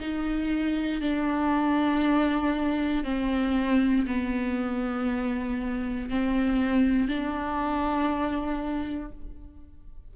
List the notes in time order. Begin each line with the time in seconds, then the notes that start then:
0.00 D#4
1.01 D4
3.04 C4
4.06 B3
6.10 C4
7.08 D4